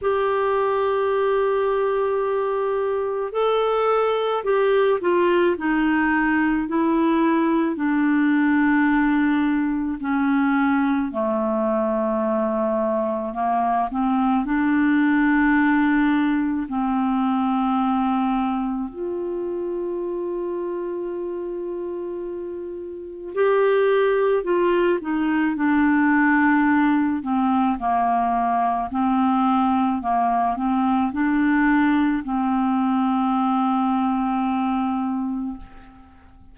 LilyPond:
\new Staff \with { instrumentName = "clarinet" } { \time 4/4 \tempo 4 = 54 g'2. a'4 | g'8 f'8 dis'4 e'4 d'4~ | d'4 cis'4 a2 | ais8 c'8 d'2 c'4~ |
c'4 f'2.~ | f'4 g'4 f'8 dis'8 d'4~ | d'8 c'8 ais4 c'4 ais8 c'8 | d'4 c'2. | }